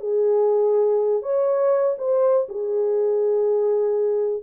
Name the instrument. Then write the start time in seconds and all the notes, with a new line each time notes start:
horn
0.00 G#4
1.23 C#5
1.98 C5
2.49 G#4